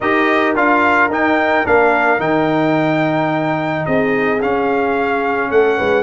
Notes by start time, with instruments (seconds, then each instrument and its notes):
0.00 tuba D#4, trombone G4, horn A#4, trumpet D#5
0.55 tuba D4, trombone F4, trumpet F5
1.08 tuba D#4, trombone D#4, trumpet G5
1.64 tuba A#3, trombone D4, trumpet F5
2.18 tuba D#3, trombone D#4, trumpet G5
3.85 tuba C4, horn G#4, trumpet D#5
4.42 tuba C#4, trombone C#4, trumpet F5
5.50 tuba A3, horn A4, trumpet F#5
5.77 tuba G#3, horn B4